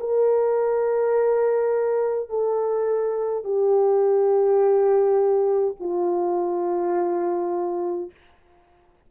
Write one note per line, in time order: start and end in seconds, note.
0.00 2.29 A#4
2.29 3.44 A4
3.44 5.75 G4
5.80 8.11 F4